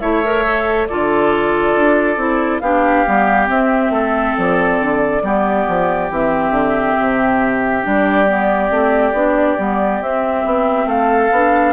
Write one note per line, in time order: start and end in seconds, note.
0.00 0.88 A3
0.00 0.23 E4
0.00 0.88 C#5
0.00 0.87 E5
0.24 0.44 A#4
0.44 0.87 A4
0.87 1.75 D3
0.87 2.17 F4
0.87 2.62 A4
0.87 2.60 D5
1.75 2.16 D4
2.16 2.60 C4
2.16 2.61 E4
2.60 3.05 B3
2.60 3.06 D4
2.60 3.92 G4
2.60 3.47 F5
3.06 3.48 G3
3.06 3.47 B3
3.47 5.21 C4
3.47 3.90 C4
3.47 4.36 E5
3.90 4.33 A3
3.90 5.22 A4
4.37 4.80 F3
4.37 6.11 D5
4.80 5.22 D3
5.22 5.66 G3
5.22 6.10 B3
5.22 10.87 G4
5.68 6.10 F3
6.10 6.50 E3
6.10 7.83 C4
6.10 7.86 E5
6.50 6.94 D3
6.99 7.86 C3
7.83 8.70 G3
7.83 8.26 D4
7.83 10.02 D5
8.26 8.69 B3
8.69 9.12 A3
8.69 9.12 C4
9.12 9.56 B3
9.12 9.58 D4
9.58 10.01 G3
9.58 10.01 B3
10.01 10.44 C4
10.01 11.32 C4
10.01 10.88 E5
10.45 10.85 B3
10.85 11.29 A3
10.85 11.73 A4
10.85 11.73 F5
11.31 11.73 B3
11.31 11.73 D4